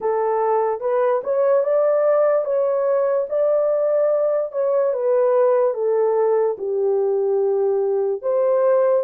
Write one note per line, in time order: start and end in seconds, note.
0.00 0.80 A4
0.80 1.21 B4
1.23 1.63 C#5
1.63 2.44 D5
2.44 3.27 C#5
3.29 4.52 D5
4.52 4.93 C#5
4.93 5.73 B4
5.73 6.56 A4
6.58 8.22 G4
8.22 9.04 C5